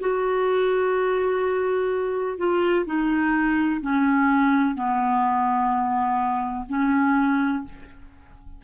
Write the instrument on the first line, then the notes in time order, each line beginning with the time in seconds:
clarinet
0.00 F#4
2.37 F4
2.86 D#4
3.81 C#4
4.75 B3
6.68 C#4